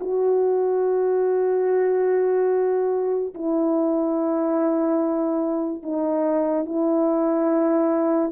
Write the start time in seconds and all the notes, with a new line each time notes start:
0.00 F#4
3.34 E4
5.83 D#4
6.65 E4